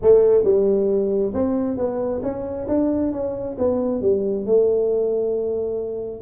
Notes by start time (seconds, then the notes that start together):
0.02 A3
0.44 G3
1.34 C4
1.77 B3
2.22 C#4
2.68 D4
3.12 C#4
3.58 B3
4.01 G3
4.46 A3